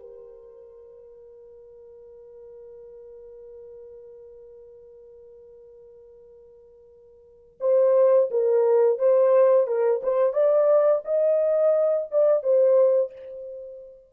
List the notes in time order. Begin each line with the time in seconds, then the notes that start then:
0.00 A#4
7.61 C5
8.31 A#4
8.99 C5
9.67 A#4
10.03 C5
10.33 D5
11.05 D#5
12.11 D5
12.44 C5